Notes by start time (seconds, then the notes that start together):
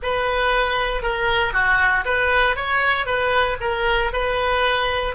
0.02 B4
1.02 A#4
1.53 F#4
2.05 B4
2.55 C#5
3.06 B4
3.60 A#4
4.13 B4